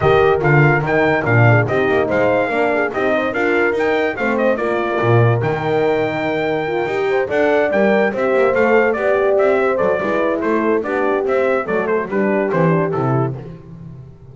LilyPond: <<
  \new Staff \with { instrumentName = "trumpet" } { \time 4/4 \tempo 4 = 144 dis''4 f''4 g''4 f''4 | dis''4 f''2 dis''4 | f''4 g''4 f''8 dis''8 d''4~ | d''4 g''2.~ |
g''4. fis''4 g''4 e''8~ | e''8 f''4 d''4 e''4 d''8~ | d''4 c''4 d''4 e''4 | d''8 c''8 b'4 c''4 a'4 | }
  \new Staff \with { instrumentName = "horn" } { \time 4/4 ais'2.~ ais'8 gis'8 | g'4 c''4 ais'8 gis'8 g'8 c''8 | ais'2 c''4 ais'4~ | ais'1~ |
ais'4 c''8 d''2 c''8~ | c''4. d''4. c''4 | b'4 a'4 g'2 | a'4 g'2. | }
  \new Staff \with { instrumentName = "horn" } { \time 4/4 g'4 f'4 dis'4 d'4 | dis'2 d'4 dis'4 | f'4 dis'4 c'4 f'4~ | f'4 dis'2. |
f'8 g'4 a'4 ais'4 g'8~ | g'8 a'4 g'2 a'8 | e'2 d'4 c'4 | a4 d'4 c'8 d'8 e'4 | }
  \new Staff \with { instrumentName = "double bass" } { \time 4/4 dis4 d4 dis4 ais,4 | c'8 ais8 gis4 ais4 c'4 | d'4 dis'4 a4 ais4 | ais,4 dis2.~ |
dis8 dis'4 d'4 g4 c'8 | ais8 a4 b4 c'4 fis8 | gis4 a4 b4 c'4 | fis4 g4 e4 c4 | }
>>